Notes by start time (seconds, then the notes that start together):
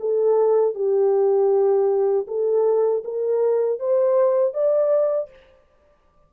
0.00 A4
0.75 G4
2.28 A4
3.04 A#4
3.80 C5
4.54 D5